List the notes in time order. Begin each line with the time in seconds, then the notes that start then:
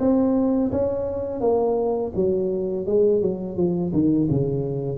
0.00 C4
0.72 C#4
1.41 A#3
2.16 F#3
2.87 G#3
3.22 F#3
3.57 F3
3.93 D#3
4.31 C#3